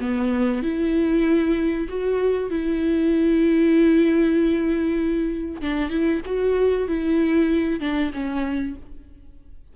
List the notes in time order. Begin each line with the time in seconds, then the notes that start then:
0.00 B3
0.62 E4
1.88 F#4
2.50 E4
5.61 D4
5.89 E4
6.25 F#4
6.88 E4
7.80 D4
8.13 C#4